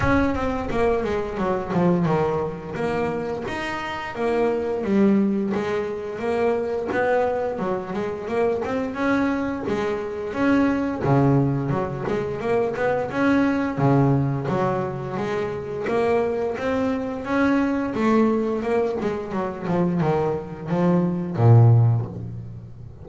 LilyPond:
\new Staff \with { instrumentName = "double bass" } { \time 4/4 \tempo 4 = 87 cis'8 c'8 ais8 gis8 fis8 f8 dis4 | ais4 dis'4 ais4 g4 | gis4 ais4 b4 fis8 gis8 | ais8 c'8 cis'4 gis4 cis'4 |
cis4 fis8 gis8 ais8 b8 cis'4 | cis4 fis4 gis4 ais4 | c'4 cis'4 a4 ais8 gis8 | fis8 f8 dis4 f4 ais,4 | }